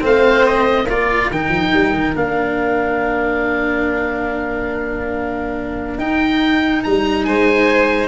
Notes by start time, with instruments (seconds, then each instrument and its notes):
0.00 tuba A3, cello C4, violin C5, oboe F5
0.46 oboe D#5
0.85 tuba A#3, cello F4, violin A#4, oboe D5
1.30 tuba D#3, cello D#4, oboe G5
1.48 tuba F3
1.73 tuba G3
1.93 tuba D#3
2.15 tuba A#3, cello D4, oboe F5
5.97 tuba D#4, cello D#4, oboe G5
6.83 tuba G3, oboe A#5
7.24 tuba G#3, violin C5, oboe G#5